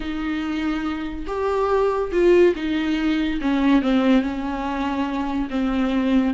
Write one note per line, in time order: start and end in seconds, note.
0.00 1.25 D#4
1.26 2.11 G4
2.11 2.54 F4
2.55 3.40 D#4
3.41 3.81 C#4
3.81 4.22 C4
4.22 5.48 C#4
5.50 6.33 C4